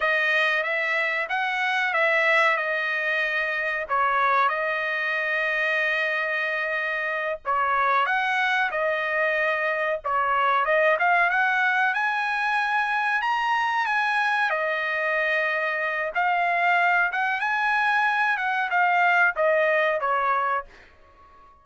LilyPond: \new Staff \with { instrumentName = "trumpet" } { \time 4/4 \tempo 4 = 93 dis''4 e''4 fis''4 e''4 | dis''2 cis''4 dis''4~ | dis''2.~ dis''8 cis''8~ | cis''8 fis''4 dis''2 cis''8~ |
cis''8 dis''8 f''8 fis''4 gis''4.~ | gis''8 ais''4 gis''4 dis''4.~ | dis''4 f''4. fis''8 gis''4~ | gis''8 fis''8 f''4 dis''4 cis''4 | }